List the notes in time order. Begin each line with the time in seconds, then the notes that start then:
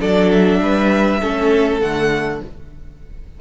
0.00 F#3 D4 A4 D5
0.31 E5
0.61 G3 B4
1.21 A3 C#4 A4
1.80 D3 A3 F#5